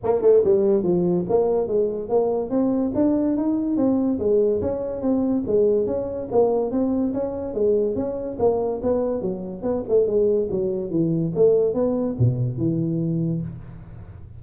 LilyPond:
\new Staff \with { instrumentName = "tuba" } { \time 4/4 \tempo 4 = 143 ais8 a8 g4 f4 ais4 | gis4 ais4 c'4 d'4 | dis'4 c'4 gis4 cis'4 | c'4 gis4 cis'4 ais4 |
c'4 cis'4 gis4 cis'4 | ais4 b4 fis4 b8 a8 | gis4 fis4 e4 a4 | b4 b,4 e2 | }